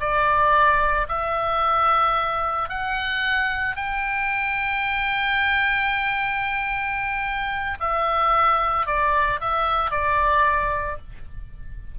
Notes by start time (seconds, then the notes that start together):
0.00 D5
1.08 E5
2.69 F#5
3.76 G5
7.80 E5
8.86 D5
9.40 E5
9.90 D5